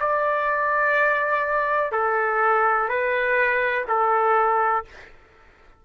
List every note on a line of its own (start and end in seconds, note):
0.00 1.92 D5
1.92 2.89 A4
2.89 3.85 B4
3.88 4.85 A4